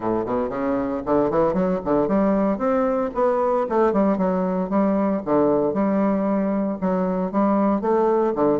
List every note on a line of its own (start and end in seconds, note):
0.00 0.24 A2
0.25 0.49 B2
0.49 1.01 C#3
1.05 1.30 D3
1.30 1.53 E3
1.53 1.79 F#3
1.85 2.08 D3
2.08 2.58 G3
2.58 3.10 C4
3.14 3.66 B3
3.69 3.92 A3
3.92 4.17 G3
4.17 4.69 F#3
4.69 5.22 G3
5.25 5.73 D3
5.73 6.78 G3
6.81 7.31 F#3
7.31 7.81 G3
7.81 8.33 A3
8.35 8.59 D3